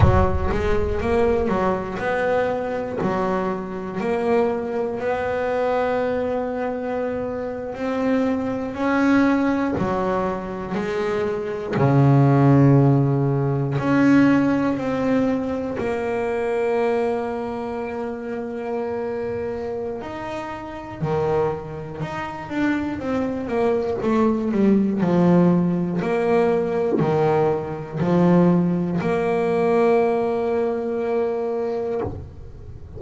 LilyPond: \new Staff \with { instrumentName = "double bass" } { \time 4/4 \tempo 4 = 60 fis8 gis8 ais8 fis8 b4 fis4 | ais4 b2~ b8. c'16~ | c'8. cis'4 fis4 gis4 cis16~ | cis4.~ cis16 cis'4 c'4 ais16~ |
ais1 | dis'4 dis4 dis'8 d'8 c'8 ais8 | a8 g8 f4 ais4 dis4 | f4 ais2. | }